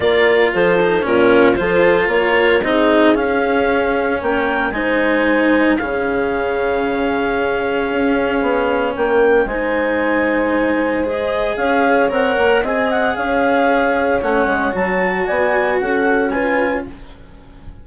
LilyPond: <<
  \new Staff \with { instrumentName = "clarinet" } { \time 4/4 \tempo 4 = 114 d''4 c''4 ais'4 c''4 | cis''4 dis''4 f''2 | g''4 gis''2 f''4~ | f''1~ |
f''4 g''4 gis''2~ | gis''4 dis''4 f''4 fis''4 | gis''8 fis''8 f''2 fis''4 | a''4 gis''4 fis''4 gis''4 | }
  \new Staff \with { instrumentName = "horn" } { \time 4/4 ais'4 a'4 f'4 a'4 | ais'4 gis'2. | ais'4 c''2 gis'4~ | gis'1~ |
gis'4 ais'4 c''2~ | c''2 cis''2 | dis''4 cis''2.~ | cis''4 d''4 a'4 b'4 | }
  \new Staff \with { instrumentName = "cello" } { \time 4/4 f'4. dis'8 cis'4 f'4~ | f'4 dis'4 cis'2~ | cis'4 dis'2 cis'4~ | cis'1~ |
cis'2 dis'2~ | dis'4 gis'2 ais'4 | gis'2. cis'4 | fis'2. f'4 | }
  \new Staff \with { instrumentName = "bassoon" } { \time 4/4 ais4 f4 ais,4 f4 | ais4 c'4 cis'2 | ais4 gis2 cis4~ | cis2. cis'4 |
b4 ais4 gis2~ | gis2 cis'4 c'8 ais8 | c'4 cis'2 a8 gis8 | fis4 b4 cis'2 | }
>>